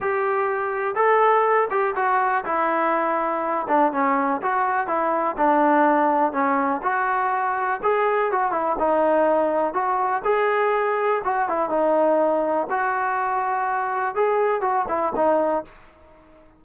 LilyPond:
\new Staff \with { instrumentName = "trombone" } { \time 4/4 \tempo 4 = 123 g'2 a'4. g'8 | fis'4 e'2~ e'8 d'8 | cis'4 fis'4 e'4 d'4~ | d'4 cis'4 fis'2 |
gis'4 fis'8 e'8 dis'2 | fis'4 gis'2 fis'8 e'8 | dis'2 fis'2~ | fis'4 gis'4 fis'8 e'8 dis'4 | }